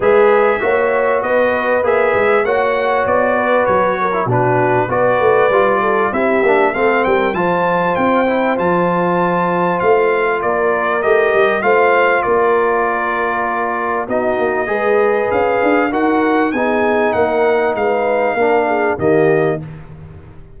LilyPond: <<
  \new Staff \with { instrumentName = "trumpet" } { \time 4/4 \tempo 4 = 98 e''2 dis''4 e''4 | fis''4 d''4 cis''4 b'4 | d''2 e''4 f''8 g''8 | a''4 g''4 a''2 |
f''4 d''4 dis''4 f''4 | d''2. dis''4~ | dis''4 f''4 fis''4 gis''4 | fis''4 f''2 dis''4 | }
  \new Staff \with { instrumentName = "horn" } { \time 4/4 b'4 cis''4 b'2 | cis''4. b'4 ais'8 fis'4 | b'4. a'8 g'4 a'8 ais'8 | c''1~ |
c''4 ais'2 c''4 | ais'2. fis'4 | b'2 ais'4 gis'4 | ais'4 b'4 ais'8 gis'8 g'4 | }
  \new Staff \with { instrumentName = "trombone" } { \time 4/4 gis'4 fis'2 gis'4 | fis'2~ fis'8. e'16 d'4 | fis'4 f'4 e'8 d'8 c'4 | f'4. e'8 f'2~ |
f'2 g'4 f'4~ | f'2. dis'4 | gis'2 fis'4 dis'4~ | dis'2 d'4 ais4 | }
  \new Staff \with { instrumentName = "tuba" } { \time 4/4 gis4 ais4 b4 ais8 gis8 | ais4 b4 fis4 b,4 | b8 a8 g4 c'8 ais8 a8 g8 | f4 c'4 f2 |
a4 ais4 a8 g8 a4 | ais2. b8 ais8 | gis4 cis'8 d'8 dis'4 b4 | ais4 gis4 ais4 dis4 | }
>>